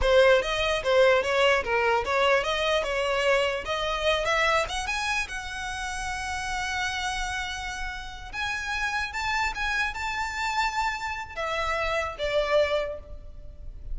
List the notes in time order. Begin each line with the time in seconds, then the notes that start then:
0.01 C5
0.42 D#5
0.83 C5
1.23 C#5
1.64 A#4
2.04 C#5
2.43 D#5
2.83 C#5
3.65 D#5
4.25 E5
4.68 F#5
4.86 G#5
5.28 F#5
8.32 G#5
9.12 A5
9.55 G#5
9.94 A5
11.35 E5
12.18 D5